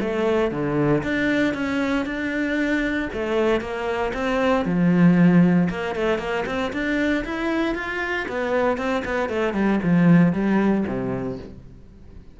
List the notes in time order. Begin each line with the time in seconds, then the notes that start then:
0.00 A3
0.51 D3
1.03 D4
1.54 C#4
2.05 D4
3.13 A3
3.61 A#3
4.13 C4
4.65 F3
5.70 A#3
5.95 A3
6.18 A#3
6.46 C4
6.73 D4
7.25 E4
7.75 F4
8.29 B3
8.77 C4
9.05 B3
9.29 A3
9.54 G3
9.83 F3
10.33 G3
10.87 C3